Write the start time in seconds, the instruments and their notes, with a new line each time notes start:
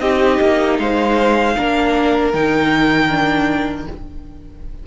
0.00 cello C4, viola D#4, violin G4 D#5
0.40 cello A#3
0.79 cello G#3, violin C5 F5
1.56 cello A#3, viola D4, violin A#4
2.33 cello D#3, viola D#4, violin G5
3.09 viola D4